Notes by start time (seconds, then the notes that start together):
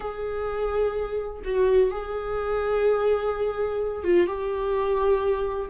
0.00 G#4
1.44 F#4
1.91 G#4
4.03 F4
4.26 G4